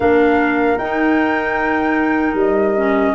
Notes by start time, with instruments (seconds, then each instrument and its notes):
0.00 tuba A#3, clarinet D4, horn A#4, flute F5
0.77 tuba D#4, clarinet D#4, flute G5
2.33 tuba G3, flute D#5
2.76 clarinet C#4